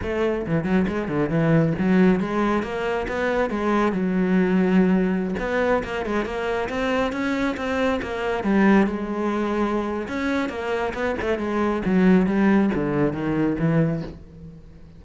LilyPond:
\new Staff \with { instrumentName = "cello" } { \time 4/4 \tempo 4 = 137 a4 e8 fis8 gis8 d8 e4 | fis4 gis4 ais4 b4 | gis4 fis2.~ | fis16 b4 ais8 gis8 ais4 c'8.~ |
c'16 cis'4 c'4 ais4 g8.~ | g16 gis2~ gis8. cis'4 | ais4 b8 a8 gis4 fis4 | g4 d4 dis4 e4 | }